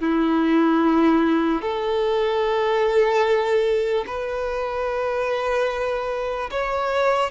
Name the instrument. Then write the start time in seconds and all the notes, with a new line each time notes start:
violin
0.00 E4
1.61 A4
4.07 B4
6.50 C#5